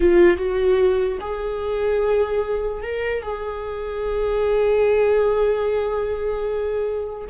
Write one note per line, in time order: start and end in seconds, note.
0.00 0.37 F4
0.37 1.18 F#4
1.20 2.82 G#4
2.82 3.22 A#4
3.22 7.28 G#4